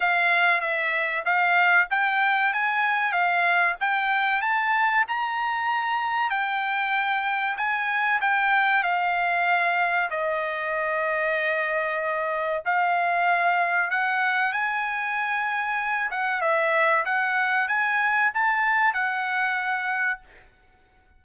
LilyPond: \new Staff \with { instrumentName = "trumpet" } { \time 4/4 \tempo 4 = 95 f''4 e''4 f''4 g''4 | gis''4 f''4 g''4 a''4 | ais''2 g''2 | gis''4 g''4 f''2 |
dis''1 | f''2 fis''4 gis''4~ | gis''4. fis''8 e''4 fis''4 | gis''4 a''4 fis''2 | }